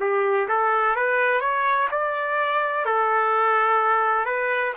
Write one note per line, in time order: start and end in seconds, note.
0.00 0.48 G4
0.48 0.96 A4
0.96 1.40 B4
1.40 1.88 C#5
1.91 2.85 D5
2.85 4.25 A4
4.25 4.73 B4